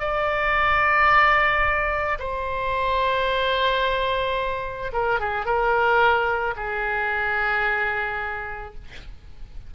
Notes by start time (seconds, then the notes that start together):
0.00 D5
2.19 C5
4.92 A#4
5.20 G#4
5.45 A#4
6.56 G#4